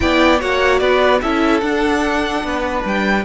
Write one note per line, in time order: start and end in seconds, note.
0.00 0.41 B3
0.00 0.39 E4
0.00 0.39 D5
0.00 0.40 G5
0.39 0.81 A#3
0.39 1.21 F#4
0.39 0.80 C#5
0.39 0.78 F#5
0.78 1.21 B3
0.78 1.21 B4
0.78 1.19 D5
1.21 1.61 C#4
1.21 1.62 E4
1.21 2.44 A4
1.21 1.60 E5
1.60 2.43 D4
1.60 3.24 D4
1.60 2.82 F#5
2.43 2.84 B3
2.43 3.24 B4
2.84 3.24 G3
2.84 3.24 G5